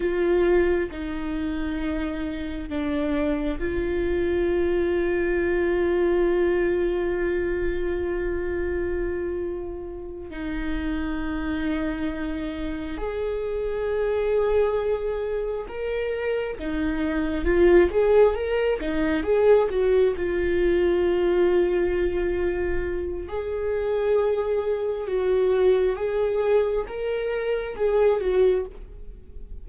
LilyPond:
\new Staff \with { instrumentName = "viola" } { \time 4/4 \tempo 4 = 67 f'4 dis'2 d'4 | f'1~ | f'2.~ f'8 dis'8~ | dis'2~ dis'8 gis'4.~ |
gis'4. ais'4 dis'4 f'8 | gis'8 ais'8 dis'8 gis'8 fis'8 f'4.~ | f'2 gis'2 | fis'4 gis'4 ais'4 gis'8 fis'8 | }